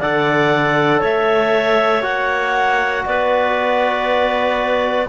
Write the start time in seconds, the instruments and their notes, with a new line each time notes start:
0.00 cello D3, trombone A4, clarinet D5 F#5
1.00 cello A3, clarinet C#5 E5
2.02 cello A#3, trombone F#4, clarinet F#5
3.06 cello B3, clarinet B4 D5